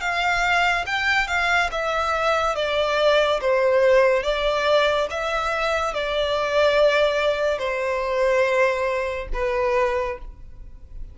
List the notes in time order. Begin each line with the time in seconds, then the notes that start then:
0.00 F5
0.86 G5
1.27 F5
1.71 E5
2.55 D5
3.41 C5
4.23 D5
5.10 E5
5.93 D5
7.58 C5
9.33 B4